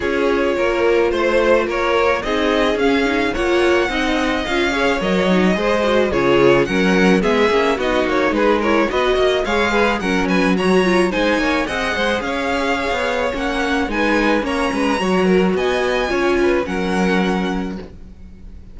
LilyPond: <<
  \new Staff \with { instrumentName = "violin" } { \time 4/4 \tempo 4 = 108 cis''2 c''4 cis''4 | dis''4 f''4 fis''2 | f''4 dis''2 cis''4 | fis''4 e''4 dis''8 cis''8 b'8 cis''8 |
dis''4 f''4 fis''8 gis''8 ais''4 | gis''4 fis''4 f''2 | fis''4 gis''4 ais''2 | gis''2 fis''2 | }
  \new Staff \with { instrumentName = "violin" } { \time 4/4 gis'4 ais'4 c''4 ais'4 | gis'2 cis''4 dis''4~ | dis''8 cis''4. c''4 gis'4 | ais'4 gis'4 fis'4 gis'8 ais'8 |
b'8 dis''8 cis''8 b'8 ais'8 b'8 cis''4 | c''8 cis''8 dis''8 c''8 cis''2~ | cis''4 b'4 cis''8 b'8 cis''8 ais'8 | dis''4 cis''8 b'8 ais'2 | }
  \new Staff \with { instrumentName = "viola" } { \time 4/4 f'1 | dis'4 cis'8 dis'8 f'4 dis'4 | f'8 gis'8 ais'8 dis'8 gis'8 fis'8 f'4 | cis'4 b8 cis'8 dis'4. e'8 |
fis'4 gis'4 cis'4 fis'8 f'8 | dis'4 gis'2. | cis'4 dis'4 cis'4 fis'4~ | fis'4 f'4 cis'2 | }
  \new Staff \with { instrumentName = "cello" } { \time 4/4 cis'4 ais4 a4 ais4 | c'4 cis'4 ais4 c'4 | cis'4 fis4 gis4 cis4 | fis4 gis8 ais8 b8 ais8 gis4 |
b8 ais8 gis4 fis2 | gis8 ais8 c'8 gis8 cis'4~ cis'16 b8. | ais4 gis4 ais8 gis8 fis4 | b4 cis'4 fis2 | }
>>